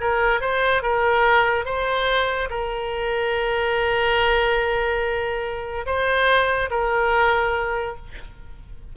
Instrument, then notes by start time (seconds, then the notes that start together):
oboe
0.00 A#4
0.41 C5
0.82 A#4
1.65 C5
2.50 A#4
5.86 C5
6.70 A#4